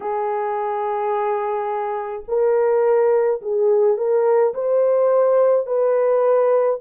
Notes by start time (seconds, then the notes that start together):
0.00 G#4
2.27 A#4
3.41 G#4
3.97 A#4
4.53 C5
5.66 B4